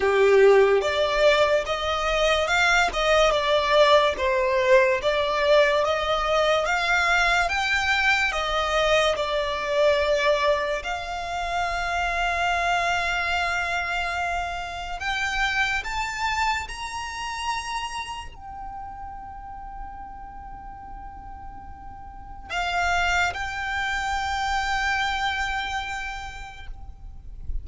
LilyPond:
\new Staff \with { instrumentName = "violin" } { \time 4/4 \tempo 4 = 72 g'4 d''4 dis''4 f''8 dis''8 | d''4 c''4 d''4 dis''4 | f''4 g''4 dis''4 d''4~ | d''4 f''2.~ |
f''2 g''4 a''4 | ais''2 g''2~ | g''2. f''4 | g''1 | }